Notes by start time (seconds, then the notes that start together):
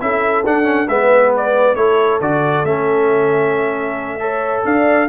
0.00 C#4 E4 A4 E5
0.45 D4 F#5
0.64 C#4
0.88 G#3 B3 B4 E5
1.37 D5
1.75 A3 E4 A4 C#5
2.20 D3 F#4 D5
2.64 A3 C#4 E5
4.20 A4 C#5
4.65 D4 D5 F5